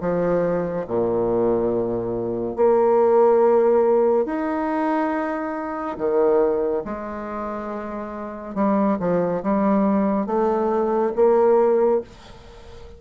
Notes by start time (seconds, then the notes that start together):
0.00 F3
0.87 A#2
2.56 A#3
4.25 D#4
5.97 D#3
6.85 G#3
8.54 G3
8.99 F3
9.42 G3
10.26 A3
11.15 A#3